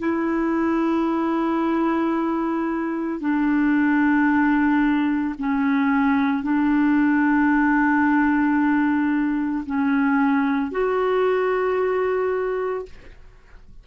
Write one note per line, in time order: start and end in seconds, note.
0.00 3.20 E4
3.20 5.35 D4
5.39 6.43 C#4
6.43 9.65 D4
9.66 10.71 C#4
10.71 12.86 F#4